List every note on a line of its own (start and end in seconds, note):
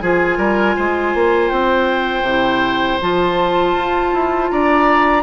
0.00 0.38 F3
0.00 2.26 F4
0.00 0.38 G#4
0.00 1.49 G#5
0.38 0.75 G3
0.38 0.75 A#4
0.76 1.14 G#3
0.76 4.51 C5
1.14 1.51 A#3
1.49 2.22 C4
1.49 2.99 G5
2.22 2.97 C3
2.22 3.01 E4
3.01 3.75 F3
3.01 5.23 F4
3.01 4.50 A5
3.75 4.13 F4
4.13 4.51 E4
4.50 5.23 D4
4.50 5.23 D5
4.50 5.23 A#5